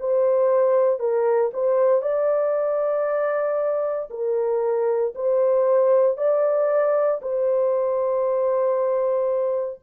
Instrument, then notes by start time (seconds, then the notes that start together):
horn
0.00 C5
0.99 A#4
1.53 C5
2.02 D5
4.11 A#4
5.15 C5
6.17 D5
7.22 C5